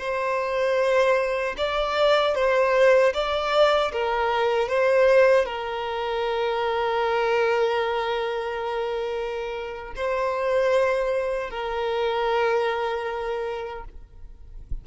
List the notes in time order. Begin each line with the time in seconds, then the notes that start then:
0.00 C5
1.58 D5
2.35 C5
3.14 D5
3.93 A#4
4.69 C5
5.46 A#4
9.96 C5
11.51 A#4